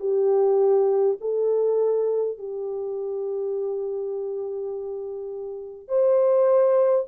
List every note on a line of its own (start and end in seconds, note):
0.00 1.18 G4
1.21 2.39 A4
2.39 5.88 G4
5.88 7.06 C5